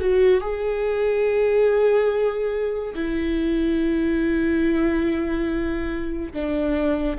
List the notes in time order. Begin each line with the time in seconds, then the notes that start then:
0.00 F#4
0.41 G#4
2.95 E4
6.33 D4